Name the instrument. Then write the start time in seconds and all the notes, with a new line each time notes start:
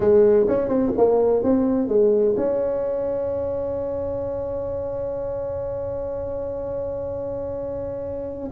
tuba
0.00 G#3
0.47 C#4
0.68 C4
0.97 A#3
1.43 C4
1.88 G#3
2.36 C#4